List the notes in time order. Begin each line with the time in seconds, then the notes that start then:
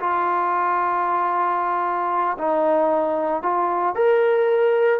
0.00 F4
2.38 D#4
3.42 F4
3.95 A#4